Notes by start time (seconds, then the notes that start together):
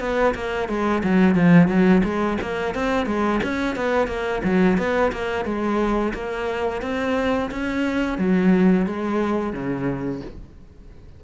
0.00 B3
0.35 A#3
0.69 G#3
1.04 F#3
1.35 F3
1.68 F#3
2.04 G#3
2.42 A#3
2.75 C4
3.06 G#3
3.43 C#4
3.76 B3
4.08 A#3
4.44 F#3
4.78 B3
5.12 A#3
5.45 G#3
6.14 A#3
6.82 C4
7.51 C#4
8.18 F#3
8.86 G#3
9.53 C#3